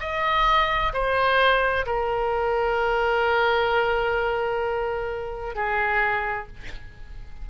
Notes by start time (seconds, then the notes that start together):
0.00 D#5
0.93 C5
1.86 A#4
5.55 G#4